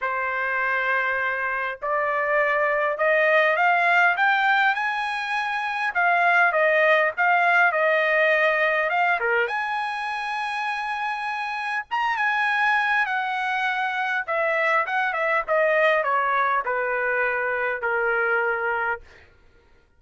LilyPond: \new Staff \with { instrumentName = "trumpet" } { \time 4/4 \tempo 4 = 101 c''2. d''4~ | d''4 dis''4 f''4 g''4 | gis''2 f''4 dis''4 | f''4 dis''2 f''8 ais'8 |
gis''1 | ais''8 gis''4. fis''2 | e''4 fis''8 e''8 dis''4 cis''4 | b'2 ais'2 | }